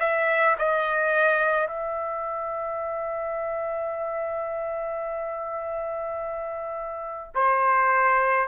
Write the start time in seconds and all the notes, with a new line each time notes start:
0.00 E5
0.59 D#5
1.68 E5
7.35 C5